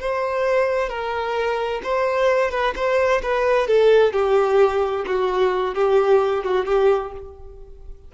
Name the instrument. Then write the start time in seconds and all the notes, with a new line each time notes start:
violin
0.00 C5
0.89 A#4
1.83 C5
2.50 B4
2.75 C5
3.22 B4
3.67 A4
4.13 G4
5.06 F#4
5.75 G4
6.44 F#4
6.65 G4